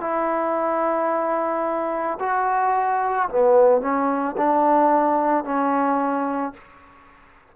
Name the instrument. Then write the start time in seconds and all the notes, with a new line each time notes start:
trombone
0.00 E4
2.19 F#4
3.29 B3
3.81 C#4
4.37 D4
5.44 C#4